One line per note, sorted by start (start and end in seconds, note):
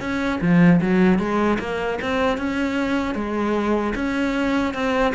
0.00 0.39 C#4
0.41 0.80 F3
0.81 1.19 F#3
1.19 1.58 G#3
1.59 1.99 A#3
2.02 2.38 C4
2.38 3.15 C#4
3.15 3.94 G#3
3.95 4.74 C#4
4.74 5.13 C4